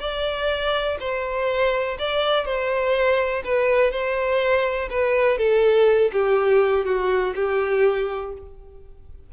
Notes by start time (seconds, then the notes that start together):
0.00 D5
1.00 C5
1.99 D5
2.45 C5
3.45 B4
3.91 C5
4.90 B4
5.38 A4
6.12 G4
6.85 F#4
7.35 G4